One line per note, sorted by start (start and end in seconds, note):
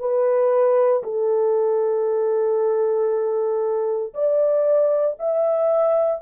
0.00 1.03 B4
1.04 4.14 A4
4.14 5.18 D5
5.20 6.22 E5